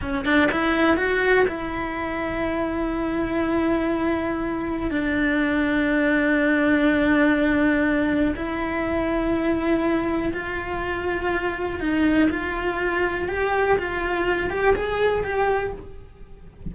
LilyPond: \new Staff \with { instrumentName = "cello" } { \time 4/4 \tempo 4 = 122 cis'8 d'8 e'4 fis'4 e'4~ | e'1~ | e'2 d'2~ | d'1~ |
d'4 e'2.~ | e'4 f'2. | dis'4 f'2 g'4 | f'4. g'8 gis'4 g'4 | }